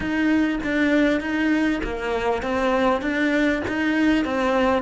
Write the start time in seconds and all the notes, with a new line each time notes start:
0.00 D#4
0.63 D4
1.20 D#4
1.83 A#3
2.42 C4
3.01 D4
3.67 D#4
4.25 C4